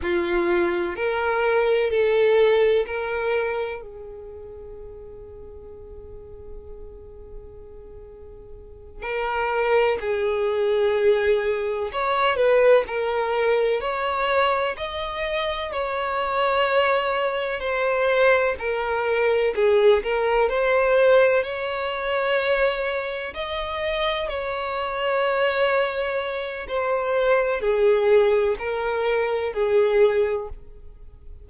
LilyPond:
\new Staff \with { instrumentName = "violin" } { \time 4/4 \tempo 4 = 63 f'4 ais'4 a'4 ais'4 | gis'1~ | gis'4. ais'4 gis'4.~ | gis'8 cis''8 b'8 ais'4 cis''4 dis''8~ |
dis''8 cis''2 c''4 ais'8~ | ais'8 gis'8 ais'8 c''4 cis''4.~ | cis''8 dis''4 cis''2~ cis''8 | c''4 gis'4 ais'4 gis'4 | }